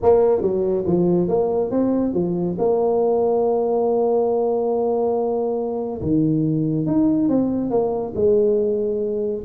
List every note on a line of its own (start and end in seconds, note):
0.02 0.41 A#3
0.41 0.84 F#3
0.86 1.28 F3
1.28 1.70 A#3
1.70 2.13 C4
2.13 2.56 F3
2.58 6.01 A#3
6.01 6.86 D#3
6.86 7.28 D#4
7.28 7.70 C4
7.70 8.13 A#3
8.15 9.43 G#3